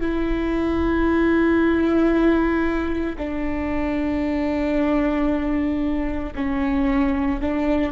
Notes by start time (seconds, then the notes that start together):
0.00 E4
3.18 D4
6.35 C#4
7.41 D4